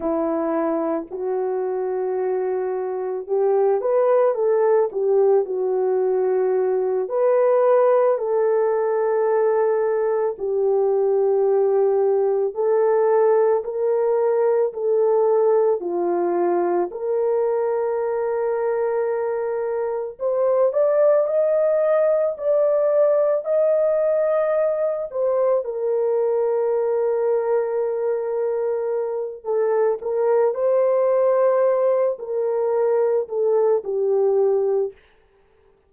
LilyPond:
\new Staff \with { instrumentName = "horn" } { \time 4/4 \tempo 4 = 55 e'4 fis'2 g'8 b'8 | a'8 g'8 fis'4. b'4 a'8~ | a'4. g'2 a'8~ | a'8 ais'4 a'4 f'4 ais'8~ |
ais'2~ ais'8 c''8 d''8 dis''8~ | dis''8 d''4 dis''4. c''8 ais'8~ | ais'2. a'8 ais'8 | c''4. ais'4 a'8 g'4 | }